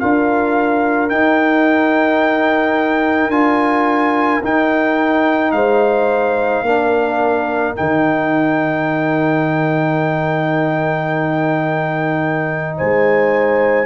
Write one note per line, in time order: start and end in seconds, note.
0.00 1.11 D4
0.00 1.11 F4
0.00 5.55 A#4
0.00 1.10 F5
1.10 3.31 D#4
1.10 3.29 D#4
1.10 3.31 G5
3.29 4.41 D4
3.29 4.42 F4
3.29 4.42 G#5
4.44 6.66 D#4
4.44 5.53 D#4
4.44 5.52 G5
5.52 6.62 G#3
5.52 6.65 C5
5.52 7.74 F5
6.62 7.74 A#3
6.62 7.76 D4
6.62 12.76 A#4
7.76 12.81 D#3
7.76 13.86 D#4
7.76 12.77 G5
12.78 13.86 G#3
12.78 13.86 C5
12.78 13.86 G#5